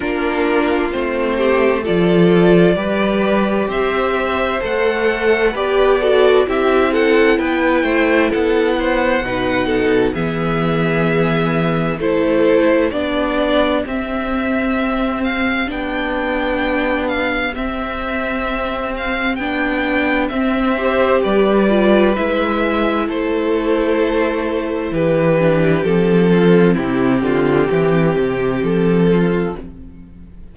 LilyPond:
<<
  \new Staff \with { instrumentName = "violin" } { \time 4/4 \tempo 4 = 65 ais'4 c''4 d''2 | e''4 fis''4 d''4 e''8 fis''8 | g''4 fis''2 e''4~ | e''4 c''4 d''4 e''4~ |
e''8 f''8 g''4. f''8 e''4~ | e''8 f''8 g''4 e''4 d''4 | e''4 c''2 b'4 | a'4 g'2 a'4 | }
  \new Staff \with { instrumentName = "violin" } { \time 4/4 f'4. g'8 a'4 b'4 | c''2 b'8 a'8 g'8 a'8 | b'8 c''8 a'8 c''8 b'8 a'8 gis'4~ | gis'4 a'4 g'2~ |
g'1~ | g'2~ g'8 c''8 b'4~ | b'4 a'2 g'4~ | g'8 f'8 e'8 f'8 g'4. f'8 | }
  \new Staff \with { instrumentName = "viola" } { \time 4/4 d'4 c'4 f'4 g'4~ | g'4 a'4 g'8 fis'8 e'4~ | e'2 dis'4 b4~ | b4 e'4 d'4 c'4~ |
c'4 d'2 c'4~ | c'4 d'4 c'8 g'4 f'8 | e'2.~ e'8 d'8 | c'1 | }
  \new Staff \with { instrumentName = "cello" } { \time 4/4 ais4 a4 f4 g4 | c'4 a4 b4 c'4 | b8 a8 b4 b,4 e4~ | e4 a4 b4 c'4~ |
c'4 b2 c'4~ | c'4 b4 c'4 g4 | gis4 a2 e4 | f4 c8 d8 e8 c8 f4 | }
>>